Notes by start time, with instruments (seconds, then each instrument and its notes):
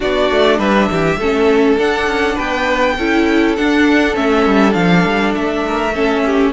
0.00 cello B3, viola D4, violin F#4 D5
0.31 cello A3
0.58 cello G3, violin B4 E5
0.90 cello E3, violin G4
1.17 cello A3, viola C#4, violin A4
1.78 cello D4, viola D4, violin F#5
2.06 cello C#4
2.35 cello B3, violin B4 G5
2.97 cello C#4, viola E4, violin A4
3.55 viola D4, cello D4, violin F#5
4.14 cello A3, viola C#4, violin E5
4.46 cello G3
4.71 cello F3, viola D4, violin F5
5.05 cello G3
5.35 cello A3, violin E5
5.66 violin A#4
5.94 viola C#4, violin A4
6.25 violin G4